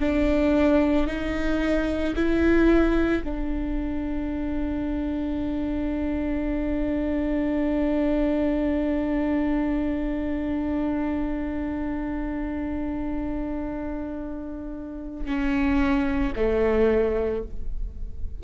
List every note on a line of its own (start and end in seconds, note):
0.00 1.07 D4
1.07 2.14 D#4
2.15 3.22 E4
3.24 15.26 D4
15.26 16.33 C#4
16.36 17.43 A3